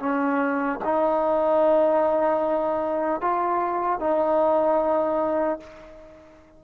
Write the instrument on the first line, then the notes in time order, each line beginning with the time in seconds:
trombone
0.00 C#4
0.85 D#4
3.21 F4
4.00 D#4